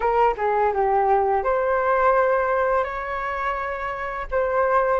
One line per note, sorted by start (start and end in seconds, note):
0.00 0.34 A#4
0.37 0.72 G#4
0.73 1.43 G4
1.43 2.83 C5
2.83 4.26 C#5
4.31 4.99 C5